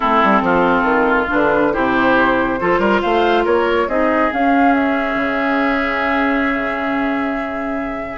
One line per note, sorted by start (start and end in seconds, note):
0.00 0.23 A3
0.00 1.28 C4
0.00 0.42 E4
0.00 1.27 A4
0.23 0.41 G3
0.41 0.82 F3
0.41 1.73 F4
0.82 1.26 D#3
1.28 1.76 D3
1.28 1.71 D4
1.28 1.73 B4
1.72 2.60 C3
1.72 2.58 E4
1.72 2.59 G4
1.72 3.01 C5
2.59 2.78 F3
2.59 3.88 F4
2.59 2.79 A4
2.78 3.00 G3
2.78 3.01 A#4
3.01 3.45 A3
3.01 3.44 C5
3.01 3.44 F5
3.44 3.87 A#3
3.44 3.87 A#4
3.44 3.88 C#5
3.87 4.30 C4
3.87 4.31 D#4
3.87 8.17 G#4
3.87 4.32 D#5
4.31 8.17 C#4
4.31 5.15 C#4
4.31 4.74 F5
4.74 8.17 E5
5.15 8.17 C#3